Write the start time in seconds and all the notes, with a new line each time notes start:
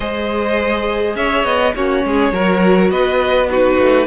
0.00 G#3 G#4 C5 D#5
1.15 C#4 C#5 E5
1.44 B3 D#5
1.74 A#3 C#4 F#4 C#5
2.04 G#3 G#4
2.32 F#3 F#4 A#4
2.90 B3 B4 D#5
3.50 D#4 F#4 B4
3.78 A3